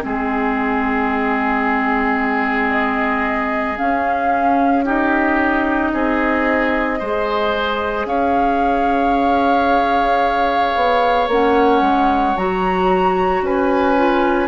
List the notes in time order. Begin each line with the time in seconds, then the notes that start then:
0.00 G#3 C4 G#4
2.70 D#5
3.76 C#4 F5
4.84 D#4 G4 D#5
5.93 C4 G#4
6.98 G#3 G#4 C5
8.05 C#4 C#5 F5
10.75 B3
11.27 A#3 C#4 F#5
11.81 G#3
12.36 F#3 F#4 A#5
13.42 C#4 B4 G#5
13.96 F4